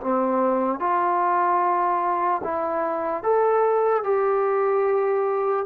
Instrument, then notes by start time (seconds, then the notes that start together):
trombone
0.00 C4
0.79 F4
2.43 E4
3.23 A4
4.04 G4